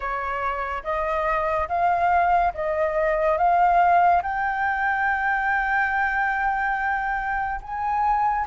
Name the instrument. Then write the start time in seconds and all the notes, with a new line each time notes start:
flute
0.00 C#5
0.83 D#5
1.68 F5
2.54 D#5
3.37 F5
4.22 G5
7.61 G#5